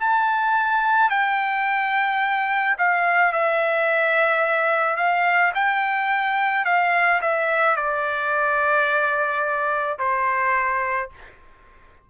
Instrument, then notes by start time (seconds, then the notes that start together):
trumpet
0.00 A5
1.10 G5
2.78 F5
3.33 E5
4.96 F5
5.55 G5
6.65 F5
7.22 E5
7.76 D5
9.99 C5